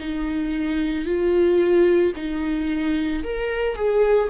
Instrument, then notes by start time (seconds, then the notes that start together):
viola
0.00 D#4
1.06 F4
2.16 D#4
3.24 A#4
3.76 G#4